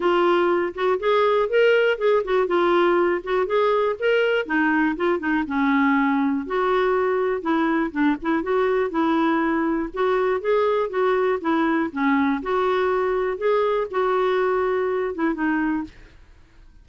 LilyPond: \new Staff \with { instrumentName = "clarinet" } { \time 4/4 \tempo 4 = 121 f'4. fis'8 gis'4 ais'4 | gis'8 fis'8 f'4. fis'8 gis'4 | ais'4 dis'4 f'8 dis'8 cis'4~ | cis'4 fis'2 e'4 |
d'8 e'8 fis'4 e'2 | fis'4 gis'4 fis'4 e'4 | cis'4 fis'2 gis'4 | fis'2~ fis'8 e'8 dis'4 | }